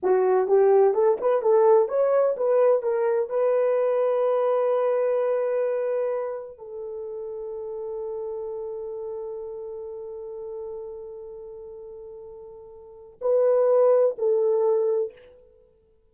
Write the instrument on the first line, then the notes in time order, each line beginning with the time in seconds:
horn
0.03 F#4
0.47 G4
0.93 A4
1.20 B4
1.42 A4
1.88 C#5
2.36 B4
2.82 A#4
3.29 B4
6.58 A4
13.21 B4
14.18 A4